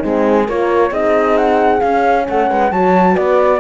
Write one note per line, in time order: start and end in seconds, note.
0.00 0.49 G#3
0.00 0.47 C4
0.00 0.45 D#4
0.00 0.49 G#4
0.46 0.91 A#3
0.46 0.91 F4
0.46 0.90 A#4
0.46 0.94 C#5
0.90 1.81 C4
0.90 1.81 D#4
0.90 2.25 G#4
0.90 1.37 D#5
1.37 1.81 F#5
1.81 2.72 C#4
1.81 2.28 C#4
1.81 2.25 F5
2.29 2.51 A3
2.29 2.50 A4
2.29 2.72 F#5
2.50 2.72 G#3
2.50 2.72 B4
2.72 3.17 F#3
2.72 3.60 F#4
2.72 3.13 C#5
2.72 3.17 A5
3.13 3.60 B3
3.13 3.58 B4
3.13 3.60 D5